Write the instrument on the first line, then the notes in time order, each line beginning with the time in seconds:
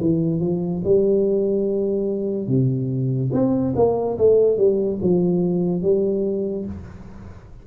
tuba
0.00 E3
0.40 F3
0.84 G3
2.47 C3
3.33 C4
3.75 A#3
4.17 A3
4.57 G3
5.02 F3
5.82 G3